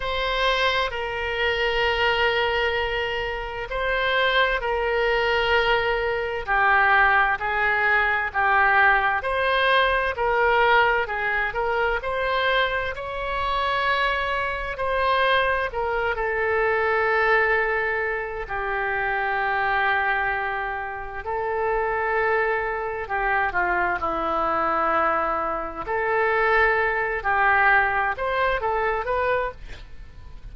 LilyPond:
\new Staff \with { instrumentName = "oboe" } { \time 4/4 \tempo 4 = 65 c''4 ais'2. | c''4 ais'2 g'4 | gis'4 g'4 c''4 ais'4 | gis'8 ais'8 c''4 cis''2 |
c''4 ais'8 a'2~ a'8 | g'2. a'4~ | a'4 g'8 f'8 e'2 | a'4. g'4 c''8 a'8 b'8 | }